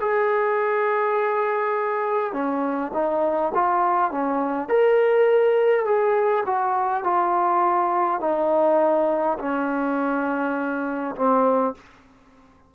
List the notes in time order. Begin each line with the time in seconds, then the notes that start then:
0.00 G#4
2.33 C#4
2.93 D#4
3.54 F4
4.11 C#4
4.68 A#4
5.85 G#4
6.45 F#4
7.03 F4
8.20 D#4
9.39 C#4
11.16 C4